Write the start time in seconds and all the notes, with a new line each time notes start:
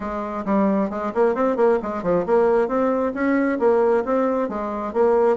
0.00 G#3
0.45 G3
0.90 G#3
1.14 A#3
1.34 C4
1.56 A#3
1.82 G#3
2.03 F3
2.26 A#3
2.68 C4
3.14 C#4
3.59 A#3
4.04 C4
4.49 G#3
4.93 A#3